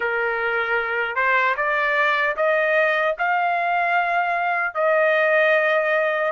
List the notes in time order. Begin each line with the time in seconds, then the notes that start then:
0.00 A#4
1.15 C5
1.56 D5
2.36 D#5
3.18 F5
4.74 D#5